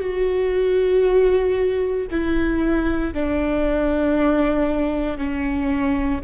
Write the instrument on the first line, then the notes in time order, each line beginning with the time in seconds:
viola
0.00 F#4
2.11 E4
3.13 D4
5.17 C#4